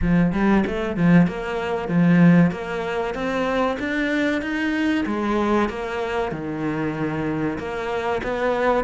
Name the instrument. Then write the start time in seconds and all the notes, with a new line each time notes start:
cello
0.01 F3
0.32 G3
0.66 A3
0.96 F3
1.27 A#3
1.88 F3
2.51 A#3
3.14 C4
3.79 D4
4.41 D#4
5.06 G#3
5.69 A#3
6.31 D#3
7.58 A#3
8.23 B3